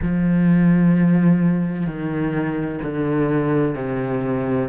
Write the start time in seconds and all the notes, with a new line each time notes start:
0.02 F3
1.86 D#3
2.82 D3
3.75 C3